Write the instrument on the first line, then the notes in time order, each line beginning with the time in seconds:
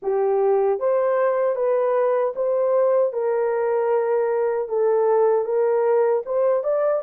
horn
0.02 G4
0.79 C5
1.55 B4
2.35 C5
3.12 A#4
4.68 A4
5.44 A#4
6.25 C5
6.63 D5